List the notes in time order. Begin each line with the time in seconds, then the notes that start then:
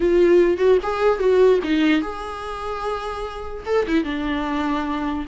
0.00 F4
0.57 F#4
0.82 G#4
1.19 F#4
1.63 D#4
2.01 G#4
3.65 A4
3.87 E4
4.04 D4